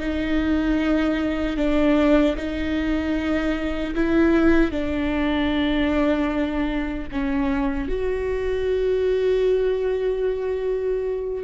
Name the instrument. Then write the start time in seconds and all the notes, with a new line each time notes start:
viola
0.00 D#4
1.58 D4
2.37 D#4
3.95 E4
4.72 D4
7.12 C#4
7.89 F#4